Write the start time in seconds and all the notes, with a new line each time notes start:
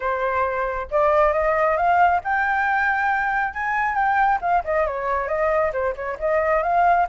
0.00 C5
0.90 D5
1.32 D#5
1.76 F5
2.24 G5
3.53 G#5
3.94 G5
4.41 F5
4.64 D#5
4.86 C#5
5.27 D#5
5.72 C5
5.95 C#5
6.19 D#5
6.62 F5